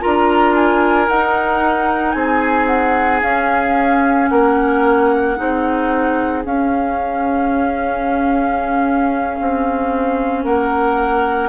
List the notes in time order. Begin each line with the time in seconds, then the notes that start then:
0.00 D4 F4 A#4 A#5
0.55 G#5
1.08 D#4 F#5
2.12 C4 G#4 G#5
2.67 F#5
3.22 C#4 F5
4.29 A#3 A#4 F#5
5.36 C4 D#4 G#4
6.45 C#4 F5
9.41 C4
10.45 A#3 A#4 F#5